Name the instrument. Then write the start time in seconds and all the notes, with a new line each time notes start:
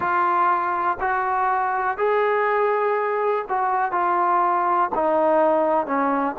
trombone
0.00 F4
1.00 F#4
1.97 G#4
3.49 F#4
3.91 F4
4.94 D#4
5.86 C#4